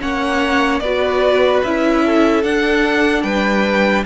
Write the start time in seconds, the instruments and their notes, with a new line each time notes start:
0.00 cello A#3, viola C#4, violin C#5 F#5
0.79 cello B3, viola F#4, violin B4 D5
1.63 cello C#4, viola E4, violin E5
2.05 violin A4
2.43 viola D4, cello D4, violin F#5
3.22 cello G3, violin B4 G5